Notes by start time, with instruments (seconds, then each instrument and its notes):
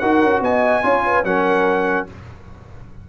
0.00 tuba D#4, trombone F#4, horn A#4, trumpet F#5
0.23 tuba C#4
0.41 tuba B3, horn D#5, trumpet G#5
0.83 tuba C#4, trombone F4, horn C#5
1.06 horn B4
1.24 tuba F#3, trombone C#4, horn A#4, trumpet F#5